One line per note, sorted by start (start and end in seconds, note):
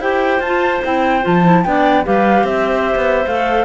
0.00 0.39 E4
0.00 0.42 G4
0.00 1.64 C5
0.00 0.41 G5
0.39 0.80 F4
0.39 0.83 F4
0.39 0.82 A5
0.83 1.25 C4
0.83 1.22 E4
0.83 1.26 G5
1.22 1.65 F3
1.22 1.42 F4
1.22 1.64 A5
1.44 1.64 E4
1.64 2.06 B3
1.64 2.04 D4
1.64 2.05 D5
1.64 2.04 G5
2.04 2.44 G3
2.04 3.26 G4
2.04 2.46 B4
2.04 2.46 F5
2.44 2.95 C4
2.44 3.65 C5
2.44 3.27 E5
2.95 3.26 B3
3.27 3.65 A3
3.27 3.65 A4
3.27 3.65 F5